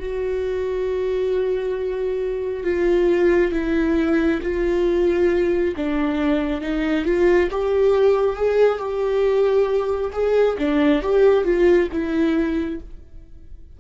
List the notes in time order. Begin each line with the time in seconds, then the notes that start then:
0.00 F#4
2.64 F4
3.53 E4
4.43 F4
5.77 D4
6.62 D#4
7.05 F4
7.51 G4
8.37 G#4
8.79 G4
10.13 G#4
10.59 D4
11.03 G4
11.45 F4
11.92 E4